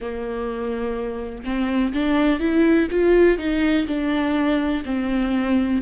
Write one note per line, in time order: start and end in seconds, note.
0.00 1.44 A#3
1.44 1.93 C4
1.93 2.39 D4
2.39 2.88 E4
2.90 3.38 F4
3.38 3.86 D#4
3.87 4.83 D4
4.85 5.82 C4